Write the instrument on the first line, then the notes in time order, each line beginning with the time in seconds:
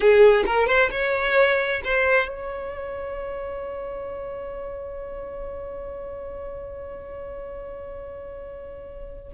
violin
0.00 G#4
0.46 A#4
0.67 C5
0.90 C#5
1.84 C5
2.28 C#5